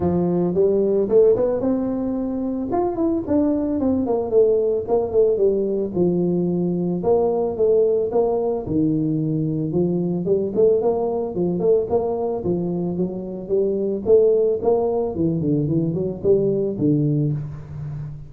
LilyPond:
\new Staff \with { instrumentName = "tuba" } { \time 4/4 \tempo 4 = 111 f4 g4 a8 b8 c'4~ | c'4 f'8 e'8 d'4 c'8 ais8 | a4 ais8 a8 g4 f4~ | f4 ais4 a4 ais4 |
dis2 f4 g8 a8 | ais4 f8 a8 ais4 f4 | fis4 g4 a4 ais4 | e8 d8 e8 fis8 g4 d4 | }